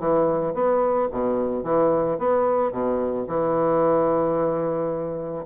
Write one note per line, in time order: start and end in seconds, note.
0.00 0.54 E3
0.54 1.09 B3
1.11 1.64 B2
1.64 2.18 E3
2.18 2.72 B3
2.72 3.27 B2
3.28 5.46 E3